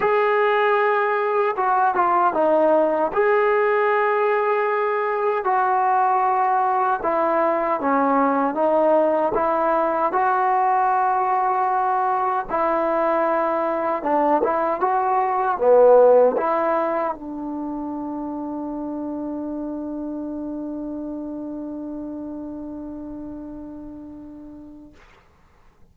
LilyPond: \new Staff \with { instrumentName = "trombone" } { \time 4/4 \tempo 4 = 77 gis'2 fis'8 f'8 dis'4 | gis'2. fis'4~ | fis'4 e'4 cis'4 dis'4 | e'4 fis'2. |
e'2 d'8 e'8 fis'4 | b4 e'4 d'2~ | d'1~ | d'1 | }